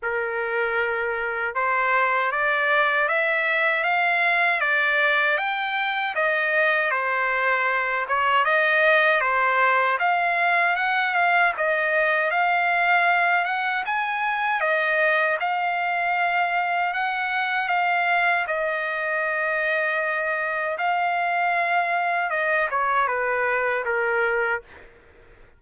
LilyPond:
\new Staff \with { instrumentName = "trumpet" } { \time 4/4 \tempo 4 = 78 ais'2 c''4 d''4 | e''4 f''4 d''4 g''4 | dis''4 c''4. cis''8 dis''4 | c''4 f''4 fis''8 f''8 dis''4 |
f''4. fis''8 gis''4 dis''4 | f''2 fis''4 f''4 | dis''2. f''4~ | f''4 dis''8 cis''8 b'4 ais'4 | }